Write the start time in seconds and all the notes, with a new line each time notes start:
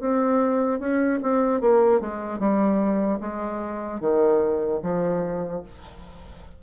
0.00 C4
0.80 C#4
1.23 C4
1.61 A#3
2.00 G#3
2.39 G3
3.20 G#3
4.00 D#3
4.82 F3